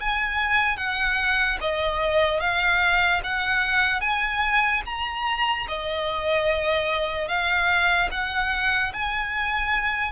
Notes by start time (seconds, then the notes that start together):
0.00 G#5
0.77 F#5
1.61 D#5
2.40 F5
3.24 F#5
4.01 G#5
4.85 A#5
5.68 D#5
7.28 F5
8.11 F#5
8.93 G#5